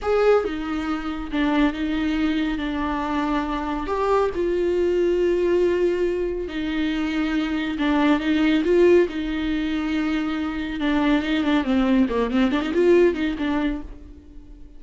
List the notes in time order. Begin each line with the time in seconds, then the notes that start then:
0.01 G#4
0.44 D#4
1.31 D4
1.73 D#4
2.58 D4
3.86 G4
4.34 F4
6.48 D#4
7.78 D4
8.19 D#4
8.64 F4
9.08 D#4
10.80 D4
11.22 D#4
11.43 D4
11.64 C4
12.09 A#3
12.30 C4
12.51 D4
12.61 D#4
12.73 F4
13.14 D#4
13.38 D4